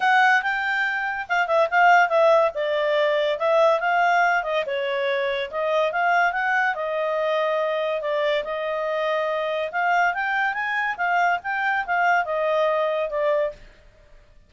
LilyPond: \new Staff \with { instrumentName = "clarinet" } { \time 4/4 \tempo 4 = 142 fis''4 g''2 f''8 e''8 | f''4 e''4 d''2 | e''4 f''4. dis''8 cis''4~ | cis''4 dis''4 f''4 fis''4 |
dis''2. d''4 | dis''2. f''4 | g''4 gis''4 f''4 g''4 | f''4 dis''2 d''4 | }